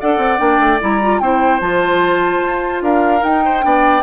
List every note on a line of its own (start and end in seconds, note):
0.00 0.18 D4
0.00 0.38 A4
0.00 1.22 D5
0.00 0.38 F#5
0.18 0.38 C4
0.38 0.59 A#3
0.38 0.78 D4
0.38 0.79 G5
0.59 0.79 A3
0.80 1.20 G3
0.80 1.00 E4
0.80 1.19 A#5
1.02 1.22 F4
1.19 1.60 C4
1.19 1.60 E4
1.19 2.83 C5
1.19 1.60 G5
1.60 2.41 F3
1.60 3.21 F4
1.60 2.82 A5
2.43 2.81 F4
2.81 3.22 D4
2.81 3.44 A#4
2.81 3.23 F5
3.21 3.61 D#4
3.21 3.63 D#4
3.21 4.03 G5
3.44 3.65 C5
3.61 4.03 B3
3.61 4.02 D4
3.61 4.03 D5